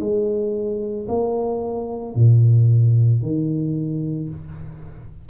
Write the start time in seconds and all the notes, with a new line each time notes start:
0.00 G#3
1.09 A#3
2.15 A#2
3.22 D#3